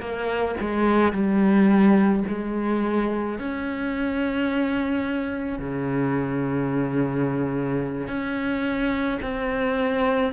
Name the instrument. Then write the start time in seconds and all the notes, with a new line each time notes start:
cello
0.00 A#3
0.61 G#3
1.13 G3
2.28 G#3
3.39 C#4
5.59 C#3
8.08 C#4
9.22 C4